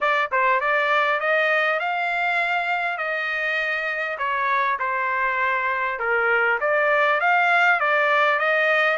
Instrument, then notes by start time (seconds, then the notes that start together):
trumpet
0.01 D5
0.31 C5
0.60 D5
1.20 D#5
1.79 F5
2.97 D#5
4.18 C#5
4.79 C5
5.99 A#4
6.60 D5
7.20 F5
7.80 D5
8.39 D#5